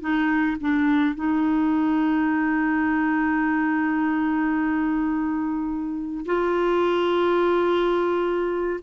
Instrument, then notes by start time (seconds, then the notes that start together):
clarinet
0.00 D#4
0.60 D4
1.15 D#4
6.25 F4